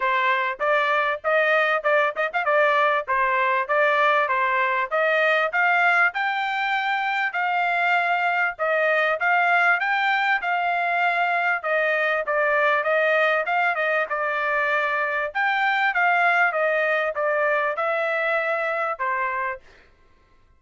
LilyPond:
\new Staff \with { instrumentName = "trumpet" } { \time 4/4 \tempo 4 = 98 c''4 d''4 dis''4 d''8 dis''16 f''16 | d''4 c''4 d''4 c''4 | dis''4 f''4 g''2 | f''2 dis''4 f''4 |
g''4 f''2 dis''4 | d''4 dis''4 f''8 dis''8 d''4~ | d''4 g''4 f''4 dis''4 | d''4 e''2 c''4 | }